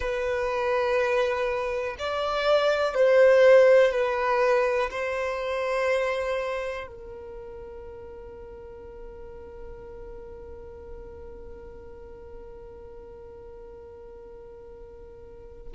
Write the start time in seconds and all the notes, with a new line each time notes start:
0.00 B4
1.99 D5
2.94 C5
3.91 B4
4.90 C5
6.87 A#4